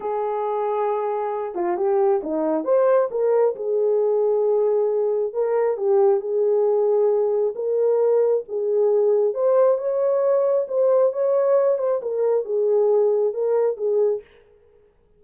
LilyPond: \new Staff \with { instrumentName = "horn" } { \time 4/4 \tempo 4 = 135 gis'2.~ gis'8 f'8 | g'4 dis'4 c''4 ais'4 | gis'1 | ais'4 g'4 gis'2~ |
gis'4 ais'2 gis'4~ | gis'4 c''4 cis''2 | c''4 cis''4. c''8 ais'4 | gis'2 ais'4 gis'4 | }